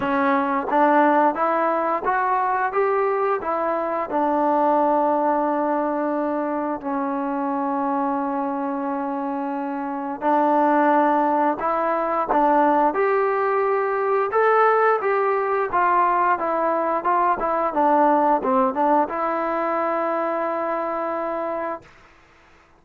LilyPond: \new Staff \with { instrumentName = "trombone" } { \time 4/4 \tempo 4 = 88 cis'4 d'4 e'4 fis'4 | g'4 e'4 d'2~ | d'2 cis'2~ | cis'2. d'4~ |
d'4 e'4 d'4 g'4~ | g'4 a'4 g'4 f'4 | e'4 f'8 e'8 d'4 c'8 d'8 | e'1 | }